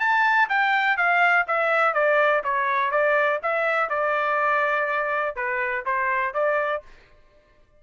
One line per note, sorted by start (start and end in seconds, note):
0.00 0.49 A5
0.49 0.97 G5
0.97 1.46 F5
1.48 1.94 E5
1.94 2.43 D5
2.44 2.91 C#5
2.91 3.40 D5
3.43 3.90 E5
3.90 5.36 D5
5.36 5.85 B4
5.86 6.34 C5
6.34 6.83 D5